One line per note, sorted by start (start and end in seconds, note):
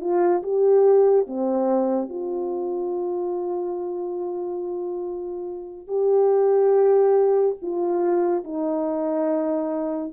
0.00 0.42 F4
0.43 1.26 G4
1.26 2.09 C4
2.09 5.87 F4
5.87 7.56 G4
7.62 8.44 F4
8.44 10.13 D#4